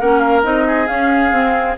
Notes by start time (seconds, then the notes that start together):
0.00 A#3 C#4 A#4 F#5
0.19 F5
0.43 C4 D#4 D#5
0.67 G#4
0.86 C#4 F5
1.31 C4